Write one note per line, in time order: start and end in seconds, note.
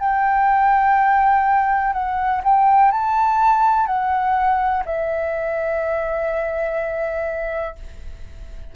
0.00 1.94 G5
1.94 2.42 F#5
2.45 2.92 G5
2.92 3.87 A5
3.87 4.84 F#5
4.86 7.76 E5